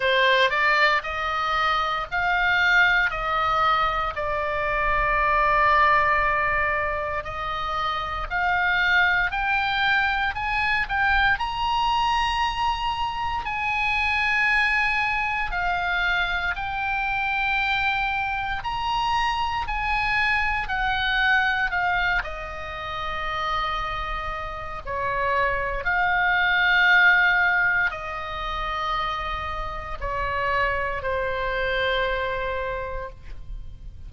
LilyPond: \new Staff \with { instrumentName = "oboe" } { \time 4/4 \tempo 4 = 58 c''8 d''8 dis''4 f''4 dis''4 | d''2. dis''4 | f''4 g''4 gis''8 g''8 ais''4~ | ais''4 gis''2 f''4 |
g''2 ais''4 gis''4 | fis''4 f''8 dis''2~ dis''8 | cis''4 f''2 dis''4~ | dis''4 cis''4 c''2 | }